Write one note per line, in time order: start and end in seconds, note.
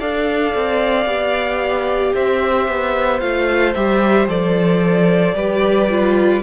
0.00 0.55 D4
0.00 1.07 A4
0.00 2.14 D5
0.00 2.15 F5
0.56 1.06 C4
1.06 2.13 B3
1.06 3.21 G4
2.15 2.68 C4
2.15 5.36 C5
2.15 3.20 E5
2.68 3.22 B3
3.20 3.75 A3
3.20 3.75 F4
3.20 3.74 F5
3.75 4.28 G3
3.75 4.29 G4
3.75 4.28 E5
4.28 5.34 F3
4.28 5.36 A4
4.28 6.43 D5
5.34 6.42 G3
5.34 5.89 G4
5.34 6.43 B4
5.90 6.43 F4